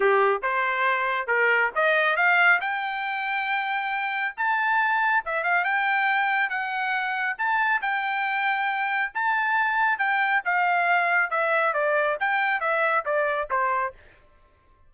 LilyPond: \new Staff \with { instrumentName = "trumpet" } { \time 4/4 \tempo 4 = 138 g'4 c''2 ais'4 | dis''4 f''4 g''2~ | g''2 a''2 | e''8 f''8 g''2 fis''4~ |
fis''4 a''4 g''2~ | g''4 a''2 g''4 | f''2 e''4 d''4 | g''4 e''4 d''4 c''4 | }